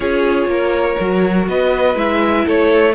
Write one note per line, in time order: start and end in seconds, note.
0.00 0.46 C#4
0.00 0.98 F4
0.00 0.48 G#4
0.00 1.45 C#5
0.46 0.95 A#3
0.46 1.48 A#4
1.00 1.48 F#3
1.00 1.95 F#4
1.48 1.95 B3
1.48 2.45 B4
1.48 1.97 D#5
1.95 2.44 G#3
1.95 2.93 E4
1.95 2.47 E5
2.45 2.94 A3
2.45 2.94 A4
2.45 2.94 C#5